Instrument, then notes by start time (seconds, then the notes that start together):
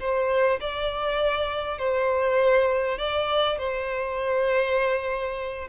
violin
0.00 C5
0.61 D5
1.79 C5
2.98 D5
3.58 C5